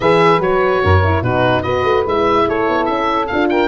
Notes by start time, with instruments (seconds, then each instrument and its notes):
0.00 tuba E3, horn G#4, saxophone B4, oboe E5
0.38 tuba F#3, horn F#4, oboe C#5
0.83 tuba F#2, saxophone A#4
1.04 horn E4
1.22 tuba B2, horn D#4, saxophone F#4, oboe B4
1.62 tuba B3, horn F#4, saxophone B4, oboe D#5
1.83 tuba A3
2.05 tuba G#3, horn E4, oboe E5
2.47 tuba A3, saxophone A4, oboe C#5
2.68 tuba B3
2.85 tuba C#4, oboe E5
3.27 tuba D4, horn F4, oboe F5
3.49 saxophone A#4, oboe G5